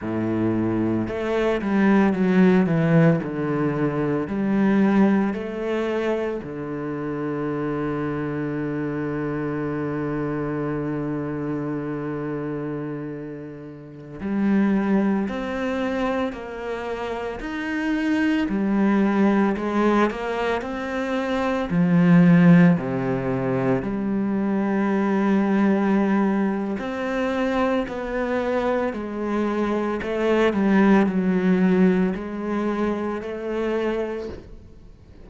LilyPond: \new Staff \with { instrumentName = "cello" } { \time 4/4 \tempo 4 = 56 a,4 a8 g8 fis8 e8 d4 | g4 a4 d2~ | d1~ | d4~ d16 g4 c'4 ais8.~ |
ais16 dis'4 g4 gis8 ais8 c'8.~ | c'16 f4 c4 g4.~ g16~ | g4 c'4 b4 gis4 | a8 g8 fis4 gis4 a4 | }